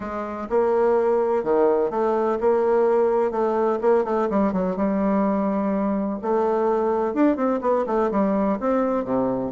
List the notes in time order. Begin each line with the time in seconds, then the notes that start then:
0.00 G#3
0.49 A#3
1.43 D#3
1.90 A3
2.40 A#3
3.31 A3
3.81 A#3
4.04 A3
4.29 G3
4.52 F#3
4.76 G3
6.21 A3
7.14 D4
7.36 C4
7.61 B3
7.86 A3
8.11 G3
8.60 C4
9.04 C3